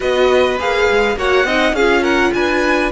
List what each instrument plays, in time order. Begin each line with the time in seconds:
0.00 cello B3, viola F#4, violin B4 D#5
0.58 cello A#3, viola G#4, violin F5
0.90 cello G#3
1.16 cello A#3, viola F#4, violin C#5 F#5
1.44 cello C4, viola D#4, violin D#5
1.72 cello C#4, viola F4, violin G#4 F5
2.02 violin A#4 F#5
2.33 cello D4, violin B4 G#5